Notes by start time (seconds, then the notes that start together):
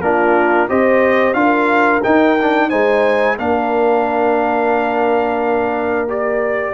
0.00 A#3 D4 F4 A#4
0.69 C4 G4 C5 D#5
1.33 D4 F4 A#4 F5
2.03 D#4 G5
2.41 D4
2.69 G#3 D#4 C5 G#5
3.38 A#3 D4 A#4 F5
6.08 G4 D5